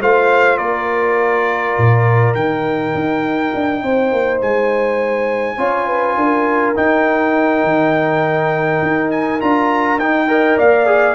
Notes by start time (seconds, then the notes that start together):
0.00 A3 F4 C5 F5
0.58 A#3 A#4 D5
1.78 A#2
2.34 D#3 D#4 G5
2.95 D#4
3.55 D4
3.83 C4 C5
4.12 A#3
4.42 G#3 G#5
5.58 C#4 F4 C#5
5.87 B4
6.17 D4 A#4
6.75 D#4 G5
7.64 D#3
8.82 D#4
9.11 G#5
9.41 D4 F4 A#5
9.99 D#4 G5
10.28 A#4 D#5
10.58 A#3 D5 F5
10.86 G#4